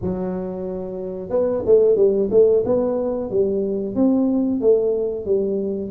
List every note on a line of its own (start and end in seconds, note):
0.01 1.29 F#3
1.29 1.62 B3
1.65 1.96 A3
1.96 2.29 G3
2.30 2.63 A3
2.65 3.30 B3
3.30 3.95 G3
3.95 4.60 C4
4.60 5.25 A3
5.25 5.90 G3